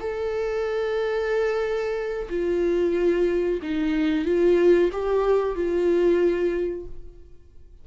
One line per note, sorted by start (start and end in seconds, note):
0.00 2.28 A4
2.29 3.60 F4
3.62 4.25 D#4
4.25 4.90 F4
4.92 5.55 G4
5.55 6.86 F4